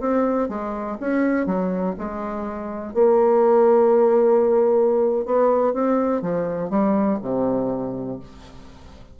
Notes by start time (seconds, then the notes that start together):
0.00 C4
0.49 G#3
1.00 C#4
1.46 F#3
1.99 G#3
2.94 A#3
5.25 B3
5.74 C4
6.22 F3
6.70 G3
7.22 C3